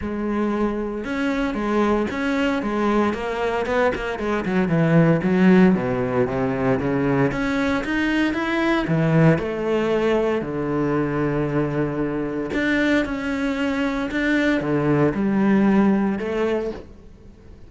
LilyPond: \new Staff \with { instrumentName = "cello" } { \time 4/4 \tempo 4 = 115 gis2 cis'4 gis4 | cis'4 gis4 ais4 b8 ais8 | gis8 fis8 e4 fis4 b,4 | c4 cis4 cis'4 dis'4 |
e'4 e4 a2 | d1 | d'4 cis'2 d'4 | d4 g2 a4 | }